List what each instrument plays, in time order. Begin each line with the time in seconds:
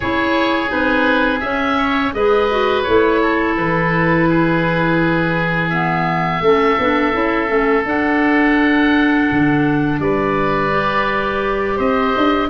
0.00 tuba C#4, clarinet E4, oboe G#4 C#5
0.67 tuba C4, clarinet D#4, oboe B4
1.40 tuba C#4, clarinet C#4, oboe E5
1.77 oboe C#5
2.13 tuba G#3, clarinet G#4, oboe B4 D#5
2.50 clarinet F#4
2.82 tuba A3, clarinet E4, oboe C#5
3.22 oboe A4
3.56 tuba E3, oboe B4
4.28 oboe G#4
5.69 clarinet B3, oboe E5
6.40 tuba A3, clarinet C#4, oboe A4
6.79 tuba B3, clarinet D4
7.12 tuba C#4, clarinet E4
7.47 tuba A3, clarinet C#4
7.85 tuba D4, clarinet D4, oboe F#5
9.31 tuba D3
9.99 tuba G3, oboe B4 D5
10.70 clarinet G4
11.76 tuba C4, oboe C5 D#5
12.16 tuba D4